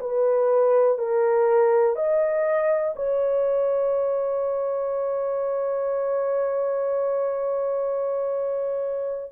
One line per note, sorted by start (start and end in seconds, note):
0.00 0.98 B4
0.98 1.96 A#4
1.96 2.94 D#5
2.96 9.32 C#5